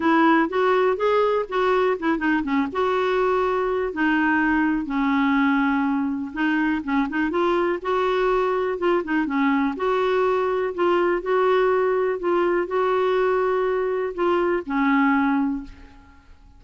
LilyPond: \new Staff \with { instrumentName = "clarinet" } { \time 4/4 \tempo 4 = 123 e'4 fis'4 gis'4 fis'4 | e'8 dis'8 cis'8 fis'2~ fis'8 | dis'2 cis'2~ | cis'4 dis'4 cis'8 dis'8 f'4 |
fis'2 f'8 dis'8 cis'4 | fis'2 f'4 fis'4~ | fis'4 f'4 fis'2~ | fis'4 f'4 cis'2 | }